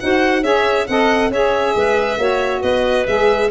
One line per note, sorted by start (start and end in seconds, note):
0.00 0.44 D#4
0.00 0.43 F#4
0.00 0.43 C5
0.00 0.44 F#5
0.43 0.88 C#4
0.43 0.87 G#4
0.43 0.87 C#5
0.43 0.87 E5
0.87 1.31 C4
0.87 1.33 A4
0.87 1.32 D#5
0.87 1.31 F#5
1.31 1.75 C#4
1.31 2.18 G#4
1.31 1.75 C#5
1.31 2.62 E5
1.76 2.18 G#3
1.76 2.20 B4
2.18 2.62 A#3
2.18 3.06 F#4
2.18 2.62 C#5
2.62 3.07 B3
2.62 3.49 B4
2.62 3.06 D#5
3.07 3.51 G#3
3.07 3.51 G#4
3.07 3.51 E5